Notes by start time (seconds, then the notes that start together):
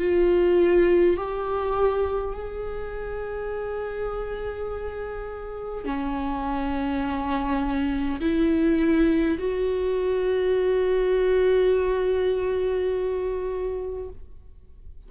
0.00 F4
1.17 G4
2.35 G#4
5.86 C#4
8.21 E4
9.39 F#4